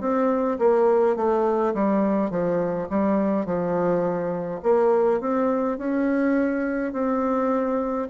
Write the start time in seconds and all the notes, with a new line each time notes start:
0.00 C4
0.59 A#3
1.15 A3
1.74 G3
2.30 F3
2.90 G3
3.45 F3
4.63 A#3
5.20 C4
5.78 C#4
6.92 C4